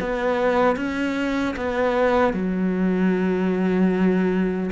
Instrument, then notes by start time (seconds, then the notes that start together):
cello
0.00 B3
0.76 C#4
1.56 B3
2.34 F#3